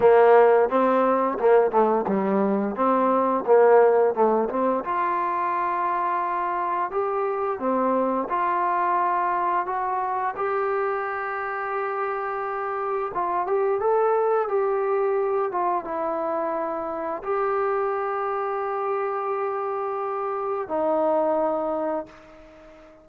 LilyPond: \new Staff \with { instrumentName = "trombone" } { \time 4/4 \tempo 4 = 87 ais4 c'4 ais8 a8 g4 | c'4 ais4 a8 c'8 f'4~ | f'2 g'4 c'4 | f'2 fis'4 g'4~ |
g'2. f'8 g'8 | a'4 g'4. f'8 e'4~ | e'4 g'2.~ | g'2 dis'2 | }